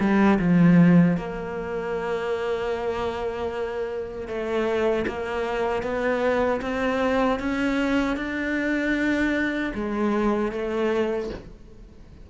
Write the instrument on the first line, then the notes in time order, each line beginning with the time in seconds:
cello
0.00 G3
0.39 F3
1.17 A#3
4.28 A3
5.07 A#3
5.83 B3
6.62 C4
7.40 C#4
8.17 D4
9.75 G#3
10.52 A3